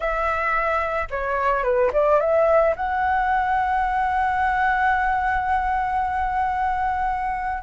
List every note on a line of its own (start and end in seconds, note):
0.00 1.08 E5
1.10 1.63 C#5
1.63 1.90 B4
1.92 2.20 D5
2.20 2.74 E5
2.75 7.62 F#5